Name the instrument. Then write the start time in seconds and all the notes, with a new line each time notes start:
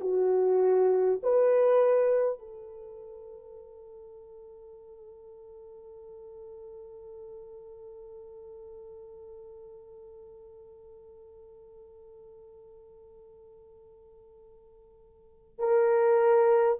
horn
0.00 F#4
1.23 B4
2.38 A4
15.58 A#4